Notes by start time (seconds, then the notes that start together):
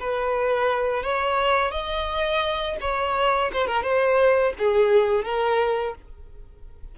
0.00 B4
1.04 C#5
1.71 D#5
2.81 C#5
3.53 C5
3.67 A#4
3.83 C5
4.59 G#4
5.25 A#4